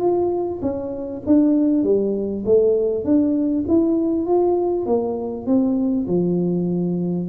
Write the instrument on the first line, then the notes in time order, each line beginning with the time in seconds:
tuba
0.00 F4
0.62 C#4
1.27 D4
1.84 G3
2.46 A3
3.05 D4
3.68 E4
4.27 F4
4.86 A#3
5.47 C4
6.07 F3